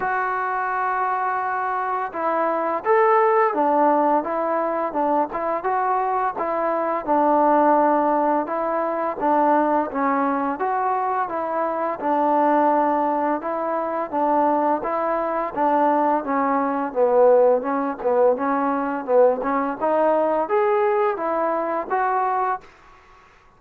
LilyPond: \new Staff \with { instrumentName = "trombone" } { \time 4/4 \tempo 4 = 85 fis'2. e'4 | a'4 d'4 e'4 d'8 e'8 | fis'4 e'4 d'2 | e'4 d'4 cis'4 fis'4 |
e'4 d'2 e'4 | d'4 e'4 d'4 cis'4 | b4 cis'8 b8 cis'4 b8 cis'8 | dis'4 gis'4 e'4 fis'4 | }